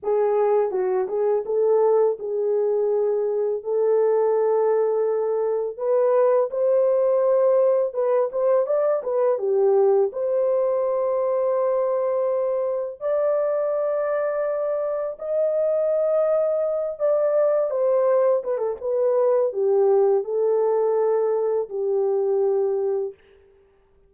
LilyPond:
\new Staff \with { instrumentName = "horn" } { \time 4/4 \tempo 4 = 83 gis'4 fis'8 gis'8 a'4 gis'4~ | gis'4 a'2. | b'4 c''2 b'8 c''8 | d''8 b'8 g'4 c''2~ |
c''2 d''2~ | d''4 dis''2~ dis''8 d''8~ | d''8 c''4 b'16 a'16 b'4 g'4 | a'2 g'2 | }